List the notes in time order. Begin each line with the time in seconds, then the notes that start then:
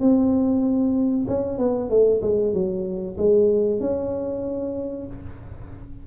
0.00 C4
1.28 C#4
1.58 B3
1.89 A3
2.22 G#3
2.53 F#3
3.17 G#3
3.80 C#4